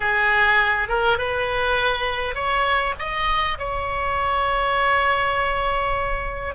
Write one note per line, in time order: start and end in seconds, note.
0.00 0.88 G#4
0.88 1.17 A#4
1.17 2.34 B4
2.34 2.94 C#5
2.98 3.58 D#5
3.58 6.55 C#5